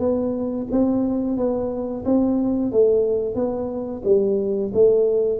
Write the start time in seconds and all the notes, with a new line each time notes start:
0.00 B3
0.72 C4
1.38 B3
2.06 C4
2.72 A3
3.36 B3
4.05 G3
4.74 A3